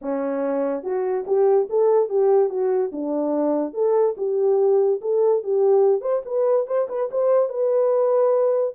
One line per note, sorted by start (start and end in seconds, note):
0.01 0.83 C#4
0.83 1.24 F#4
1.26 1.68 G4
1.69 2.09 A4
2.09 2.49 G4
2.49 2.91 F#4
2.91 3.73 D4
3.73 4.15 A4
4.17 5.00 G4
5.01 5.43 A4
5.43 6.01 G4
6.01 6.22 C5
6.25 6.66 B4
6.66 6.87 C5
6.88 7.09 B4
7.11 7.49 C5
7.49 8.74 B4